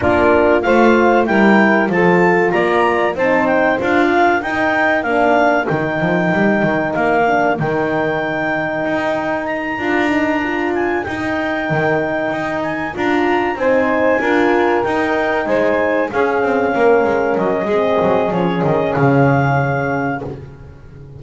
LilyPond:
<<
  \new Staff \with { instrumentName = "clarinet" } { \time 4/4 \tempo 4 = 95 ais'4 f''4 g''4 a''4 | ais''4 a''8 g''8 f''4 g''4 | f''4 g''2 f''4 | g''2. ais''4~ |
ais''4 gis''8 g''2~ g''8 | gis''8 ais''4 gis''2 g''8~ | g''8 gis''4 f''2 dis''8~ | dis''4 cis''8 dis''8 f''2 | }
  \new Staff \with { instrumentName = "saxophone" } { \time 4/4 f'4 c''4 ais'4 a'4 | d''4 c''4. ais'4.~ | ais'1~ | ais'1~ |
ais'1~ | ais'4. c''4 ais'4.~ | ais'8 c''4 gis'4 ais'4. | gis'1 | }
  \new Staff \with { instrumentName = "horn" } { \time 4/4 d'4 f'4 e'4 f'4~ | f'4 dis'4 f'4 dis'4 | d'4 dis'2~ dis'8 d'8 | dis'2.~ dis'8 f'8 |
dis'8 f'4 dis'2~ dis'8~ | dis'8 f'4 dis'4 f'4 dis'8~ | dis'4. cis'2~ cis'8 | c'4 cis'2. | }
  \new Staff \with { instrumentName = "double bass" } { \time 4/4 ais4 a4 g4 f4 | ais4 c'4 d'4 dis'4 | ais4 dis8 f8 g8 dis8 ais4 | dis2 dis'4. d'8~ |
d'4. dis'4 dis4 dis'8~ | dis'8 d'4 c'4 d'4 dis'8~ | dis'8 gis4 cis'8 c'8 ais8 gis8 fis8 | gis8 fis8 f8 dis8 cis2 | }
>>